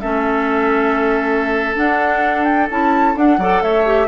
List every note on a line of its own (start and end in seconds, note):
0.00 1.77 A3
0.00 1.75 C#4
0.00 3.38 A4
0.00 1.74 E5
1.75 2.68 D4
1.75 2.70 D4
1.75 2.44 F#5
2.44 2.67 G5
2.70 3.15 C#4
2.70 3.15 E4
2.70 3.17 A5
3.15 3.38 D4
3.15 3.62 F#5
3.38 3.61 F#3
3.38 3.85 A4
3.38 3.62 D5
3.62 4.07 A3
3.62 4.07 C#5
3.62 4.07 E5
3.85 4.07 G4